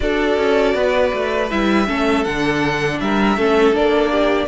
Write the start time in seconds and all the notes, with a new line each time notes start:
0.00 D4 F#4 A4 D5
0.37 C#4
0.74 B3 B4
1.13 A3
1.50 G3 E4 E5
1.87 A3 C#4 A4
2.24 D3 D4 F#5
3.00 G3 A#4 E5
3.37 A3 C#4 A4
3.71 A#3 D4 D5
4.11 G4